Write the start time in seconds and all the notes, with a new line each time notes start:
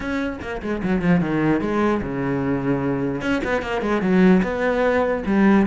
0.00 C#4
0.41 A#3
0.62 G#3
0.83 F#3
1.01 F3
1.20 D#3
1.61 G#3
2.02 C#3
3.21 C#4
3.43 B3
3.62 A#3
3.81 G#3
4.01 F#3
4.42 B3
5.26 G3